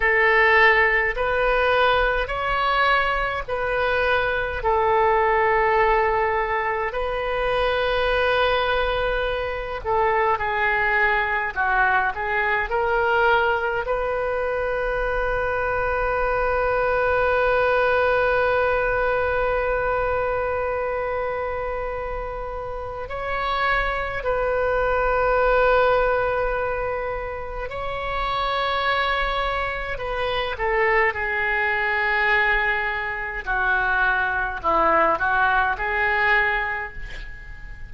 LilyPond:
\new Staff \with { instrumentName = "oboe" } { \time 4/4 \tempo 4 = 52 a'4 b'4 cis''4 b'4 | a'2 b'2~ | b'8 a'8 gis'4 fis'8 gis'8 ais'4 | b'1~ |
b'1 | cis''4 b'2. | cis''2 b'8 a'8 gis'4~ | gis'4 fis'4 e'8 fis'8 gis'4 | }